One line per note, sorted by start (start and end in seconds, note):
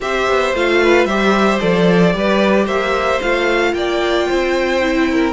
0.00 0.27 C4
0.00 0.54 G4
0.00 0.82 C5
0.00 0.55 E5
0.28 0.54 B3
0.54 1.05 A3
0.54 1.09 F4
0.54 1.05 F5
0.82 1.07 B4
1.05 1.58 G3
1.05 1.60 G4
1.05 2.14 C5
1.05 1.59 E5
1.59 2.14 F3
1.59 2.12 A4
1.59 2.66 D5
2.12 2.66 G3
2.12 3.20 G4
2.12 2.64 B4
2.64 3.20 A#3
2.64 3.72 C5
2.64 3.20 E5
3.21 3.73 A3
3.21 4.81 F4
3.21 3.73 F5
3.73 4.27 A#3
3.73 4.28 D5
3.73 5.33 G5
4.28 5.33 C4
4.28 5.08 C5
4.81 5.33 E4
5.11 5.33 A#4